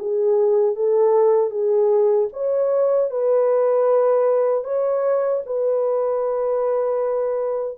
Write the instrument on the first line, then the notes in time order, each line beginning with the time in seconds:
horn
0.00 G#4
0.76 A4
1.51 G#4
2.33 C#5
3.11 B4
4.65 C#5
5.47 B4